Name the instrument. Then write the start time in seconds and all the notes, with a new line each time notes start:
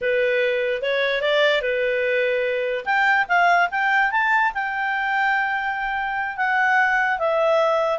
clarinet
0.01 B4
0.81 C#5
1.21 D5
1.61 B4
2.85 G5
3.28 F5
3.71 G5
4.11 A5
4.54 G5
6.36 F#5
7.18 E5